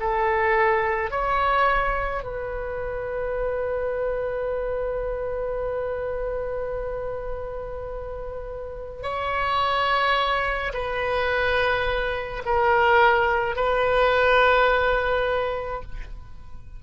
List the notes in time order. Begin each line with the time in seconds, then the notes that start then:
0.00 A4
1.11 C#5
2.24 B4
9.03 C#5
10.73 B4
12.45 A#4
13.56 B4